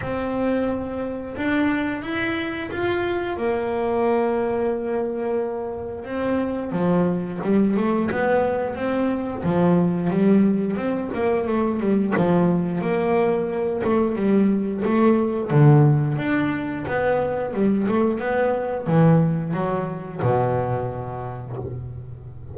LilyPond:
\new Staff \with { instrumentName = "double bass" } { \time 4/4 \tempo 4 = 89 c'2 d'4 e'4 | f'4 ais2.~ | ais4 c'4 f4 g8 a8 | b4 c'4 f4 g4 |
c'8 ais8 a8 g8 f4 ais4~ | ais8 a8 g4 a4 d4 | d'4 b4 g8 a8 b4 | e4 fis4 b,2 | }